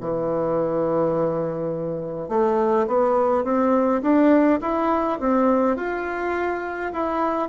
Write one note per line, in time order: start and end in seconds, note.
0.00 2.28 E3
2.28 2.86 A3
2.87 3.44 B3
3.44 4.01 C4
4.02 4.59 D4
4.61 5.19 E4
5.19 5.76 C4
5.76 6.91 F4
6.92 7.48 E4